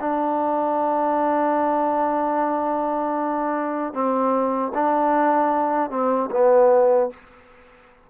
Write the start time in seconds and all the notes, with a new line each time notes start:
0.00 D4
3.93 C4
4.74 D4
5.90 C4
6.31 B3